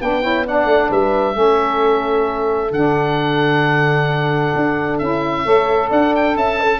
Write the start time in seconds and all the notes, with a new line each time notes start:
0.00 B3 D4 B4 G5
0.22 E4 C#5
0.46 D4 D5 F#5
0.65 A3
0.91 G3 B4 E5
1.33 A3 C#4 A4
2.71 D3 D4 F#5
4.56 D4
4.98 C#4 E4 E5
5.45 A3 A4 C#5
5.90 D4 D5 F#5
6.15 G5
6.36 C#4 E5 A5
6.60 A4